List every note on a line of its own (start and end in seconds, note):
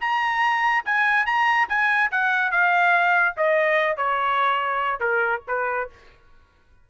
0.00 0.84 A#5
0.85 1.25 G#5
1.25 1.67 A#5
1.68 2.10 G#5
2.11 2.51 F#5
2.51 3.35 F5
3.36 3.97 D#5
3.97 4.99 C#5
4.99 5.41 A#4
5.47 5.89 B4